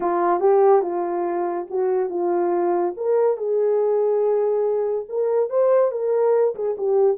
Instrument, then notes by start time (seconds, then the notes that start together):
horn
0.00 F4
0.40 G4
0.82 F4
1.70 F#4
2.09 F4
2.97 A#4
3.37 G#4
5.08 A#4
5.49 C5
5.91 A#4
6.55 G#4
6.77 G4